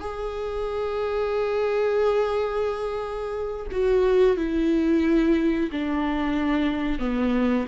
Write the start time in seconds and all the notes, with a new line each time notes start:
0.00 G#4
3.72 F#4
4.37 E4
5.72 D4
6.99 B3